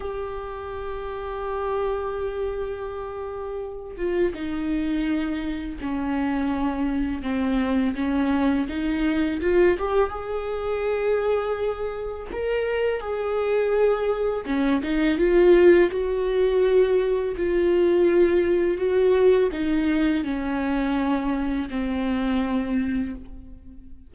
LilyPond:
\new Staff \with { instrumentName = "viola" } { \time 4/4 \tempo 4 = 83 g'1~ | g'4. f'8 dis'2 | cis'2 c'4 cis'4 | dis'4 f'8 g'8 gis'2~ |
gis'4 ais'4 gis'2 | cis'8 dis'8 f'4 fis'2 | f'2 fis'4 dis'4 | cis'2 c'2 | }